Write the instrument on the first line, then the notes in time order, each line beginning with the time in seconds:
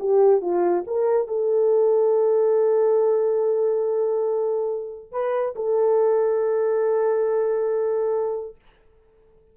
horn
0.00 G4
0.42 F4
0.87 A#4
1.28 A4
5.12 B4
5.56 A4